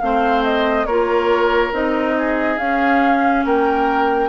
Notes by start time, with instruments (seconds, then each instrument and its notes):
0.00 bassoon A3, clarinet C4, oboe C5, flute F5
0.44 flute D#5
0.86 bassoon A#3, clarinet F4, oboe A#4, flute C#5
1.72 bassoon C4, clarinet D#4, flute D#5
2.19 oboe G#4
2.58 bassoon C#4, clarinet C#4, flute F5
3.45 bassoon A#3, oboe A#4, flute G5